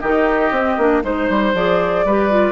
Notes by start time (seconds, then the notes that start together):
0.00 D#3 D#4 G4 D#5
0.50 C4
0.77 A#3 D4
1.02 G#3 D#4 C5
1.29 G3
1.53 F3 G#4 D5
2.04 G3 G4 B4
2.30 F4